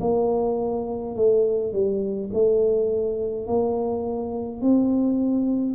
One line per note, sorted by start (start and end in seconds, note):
0.00 1.15 A#3
1.15 1.73 A3
1.73 2.30 G3
2.33 3.47 A3
3.47 4.61 A#3
4.61 5.75 C4